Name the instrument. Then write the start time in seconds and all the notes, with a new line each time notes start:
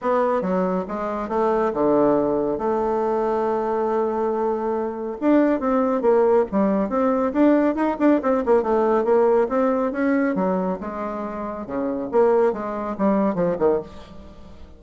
bassoon
0.01 B3
0.41 F#3
0.88 G#3
1.28 A3
1.73 D3
2.57 A3
5.21 D4
5.60 C4
6.01 A#3
6.51 G3
6.89 C4
7.32 D4
7.75 D#4
7.99 D4
8.22 C4
8.45 A#3
8.63 A3
9.04 A#3
9.48 C4
9.92 C#4
10.35 F#3
10.80 G#3
11.66 C#3
12.11 A#3
12.52 G#3
12.98 G3
13.34 F3
13.59 D#3